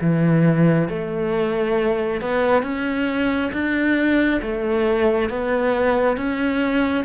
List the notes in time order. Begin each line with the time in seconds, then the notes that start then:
0.00 E3
0.88 A3
2.21 B3
2.62 C#4
3.52 D4
4.42 A3
5.29 B3
6.17 C#4